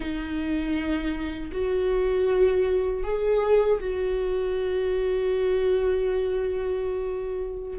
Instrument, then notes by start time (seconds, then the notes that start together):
viola
0.00 D#4
1.52 F#4
3.03 G#4
3.79 F#4